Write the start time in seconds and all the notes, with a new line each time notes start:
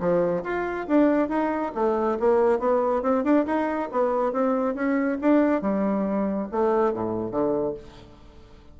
0.00 F3
0.44 F4
0.88 D4
1.29 D#4
1.75 A3
2.20 A#3
2.59 B3
3.03 C4
3.24 D4
3.46 D#4
3.92 B3
4.33 C4
4.75 C#4
5.21 D4
5.62 G3
6.52 A3
6.94 A2
7.31 D3